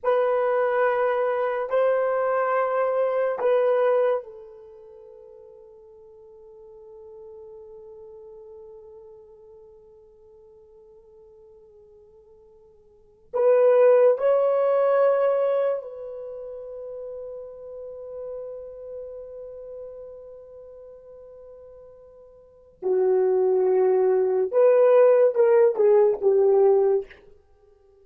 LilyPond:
\new Staff \with { instrumentName = "horn" } { \time 4/4 \tempo 4 = 71 b'2 c''2 | b'4 a'2.~ | a'1~ | a'2.~ a'8. b'16~ |
b'8. cis''2 b'4~ b'16~ | b'1~ | b'2. fis'4~ | fis'4 b'4 ais'8 gis'8 g'4 | }